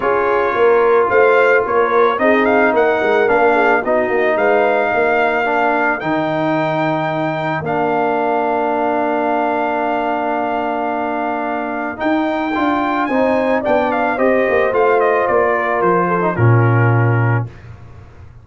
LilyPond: <<
  \new Staff \with { instrumentName = "trumpet" } { \time 4/4 \tempo 4 = 110 cis''2 f''4 cis''4 | dis''8 f''8 fis''4 f''4 dis''4 | f''2. g''4~ | g''2 f''2~ |
f''1~ | f''2 g''2 | gis''4 g''8 f''8 dis''4 f''8 dis''8 | d''4 c''4 ais'2 | }
  \new Staff \with { instrumentName = "horn" } { \time 4/4 gis'4 ais'4 c''4 ais'4 | gis'4 ais'4. gis'8 fis'4 | b'4 ais'2.~ | ais'1~ |
ais'1~ | ais'1 | c''4 d''4 c''2~ | c''8 ais'4 a'8 f'2 | }
  \new Staff \with { instrumentName = "trombone" } { \time 4/4 f'1 | dis'2 d'4 dis'4~ | dis'2 d'4 dis'4~ | dis'2 d'2~ |
d'1~ | d'2 dis'4 f'4 | dis'4 d'4 g'4 f'4~ | f'4.~ f'16 dis'16 cis'2 | }
  \new Staff \with { instrumentName = "tuba" } { \time 4/4 cis'4 ais4 a4 ais4 | c'4 ais8 gis8 ais4 b8 ais8 | gis4 ais2 dis4~ | dis2 ais2~ |
ais1~ | ais2 dis'4 d'4 | c'4 b4 c'8 ais8 a4 | ais4 f4 ais,2 | }
>>